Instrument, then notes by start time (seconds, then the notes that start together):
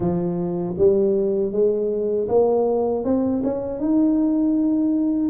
tuba
0.00 F3
0.77 G3
1.52 G#3
2.28 A#3
3.04 C4
3.43 C#4
3.79 D#4